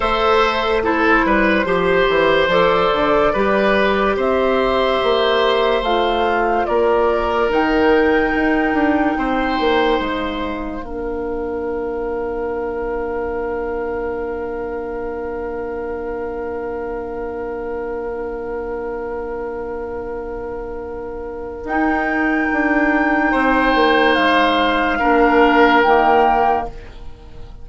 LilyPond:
<<
  \new Staff \with { instrumentName = "flute" } { \time 4/4 \tempo 4 = 72 e''4 c''2 d''4~ | d''4 e''2 f''4 | d''4 g''2. | f''1~ |
f''1~ | f''1~ | f''2 g''2~ | g''4 f''2 g''4 | }
  \new Staff \with { instrumentName = "oboe" } { \time 4/4 c''4 a'8 b'8 c''2 | b'4 c''2. | ais'2. c''4~ | c''4 ais'2.~ |
ais'1~ | ais'1~ | ais'1 | c''2 ais'2 | }
  \new Staff \with { instrumentName = "clarinet" } { \time 4/4 a'4 e'4 g'4 a'4 | g'2. f'4~ | f'4 dis'2.~ | dis'4 d'2.~ |
d'1~ | d'1~ | d'2 dis'2~ | dis'2 d'4 ais4 | }
  \new Staff \with { instrumentName = "bassoon" } { \time 4/4 a4. g8 f8 e8 f8 d8 | g4 c'4 ais4 a4 | ais4 dis4 dis'8 d'8 c'8 ais8 | gis4 ais2.~ |
ais1~ | ais1~ | ais2 dis'4 d'4 | c'8 ais8 gis4 ais4 dis4 | }
>>